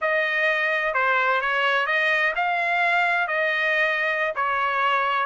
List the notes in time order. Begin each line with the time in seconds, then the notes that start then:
0.01 D#5
0.94 C5
1.41 C#5
1.86 D#5
2.35 F5
3.27 D#5
4.35 C#5